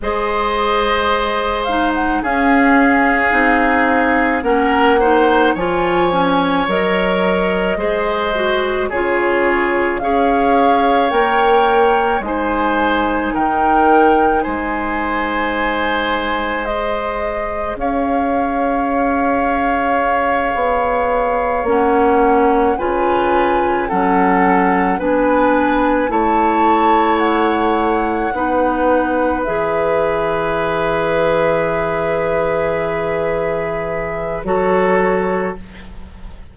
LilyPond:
<<
  \new Staff \with { instrumentName = "flute" } { \time 4/4 \tempo 4 = 54 dis''4. f''16 fis''16 f''2 | fis''4 gis''4 dis''2 | cis''4 f''4 g''4 gis''4 | g''4 gis''2 dis''4 |
f''2.~ f''8 fis''8~ | fis''8 gis''4 fis''4 gis''4 a''8~ | a''8 fis''2 e''4.~ | e''2. cis''4 | }
  \new Staff \with { instrumentName = "oboe" } { \time 4/4 c''2 gis'2 | ais'8 c''8 cis''2 c''4 | gis'4 cis''2 c''4 | ais'4 c''2. |
cis''1~ | cis''8 b'4 a'4 b'4 cis''8~ | cis''4. b'2~ b'8~ | b'2. a'4 | }
  \new Staff \with { instrumentName = "clarinet" } { \time 4/4 gis'4. dis'8 cis'4 dis'4 | cis'8 dis'8 f'8 cis'8 ais'4 gis'8 fis'8 | f'4 gis'4 ais'4 dis'4~ | dis'2. gis'4~ |
gis'2.~ gis'8 cis'8~ | cis'8 f'4 cis'4 d'4 e'8~ | e'4. dis'4 gis'4.~ | gis'2. fis'4 | }
  \new Staff \with { instrumentName = "bassoon" } { \time 4/4 gis2 cis'4 c'4 | ais4 f4 fis4 gis4 | cis4 cis'4 ais4 gis4 | dis4 gis2. |
cis'2~ cis'8 b4 ais8~ | ais8 cis4 fis4 b4 a8~ | a4. b4 e4.~ | e2. fis4 | }
>>